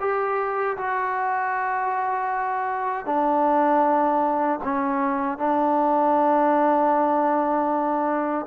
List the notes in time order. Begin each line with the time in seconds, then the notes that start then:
0.00 G4
0.77 F#4
3.06 D4
4.64 C#4
5.38 D4